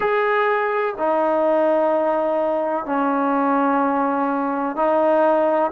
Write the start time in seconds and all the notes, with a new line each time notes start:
0.00 G#4
0.97 D#4
2.85 C#4
4.76 D#4